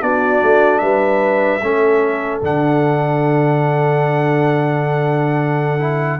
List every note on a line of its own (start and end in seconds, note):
0.00 0.41 B3
0.00 1.60 D4
0.00 0.81 F#4
0.00 0.78 D5
0.42 0.82 A3
0.78 1.62 G3
0.78 1.61 B4
0.78 2.38 E5
1.62 2.42 A3
1.62 2.41 C#4
1.62 6.20 A4
2.41 6.20 D3
2.41 5.79 D4
2.41 6.20 F#5
5.79 6.20 E4